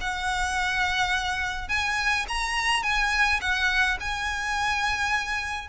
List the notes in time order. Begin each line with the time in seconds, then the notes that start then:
0.00 F#5
1.68 G#5
2.28 A#5
2.83 G#5
3.41 F#5
4.00 G#5